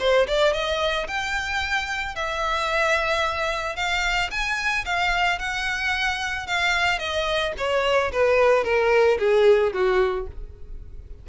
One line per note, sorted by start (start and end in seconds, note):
0.00 0.27 C5
0.28 0.54 D5
0.54 1.08 D#5
1.08 2.16 G5
2.16 3.76 E5
3.76 4.30 F5
4.31 4.85 G#5
4.86 5.39 F5
5.39 6.47 F#5
6.47 6.99 F5
6.99 7.53 D#5
7.58 8.12 C#5
8.12 8.64 B4
8.64 9.18 A#4
9.19 9.73 G#4
9.73 10.28 F#4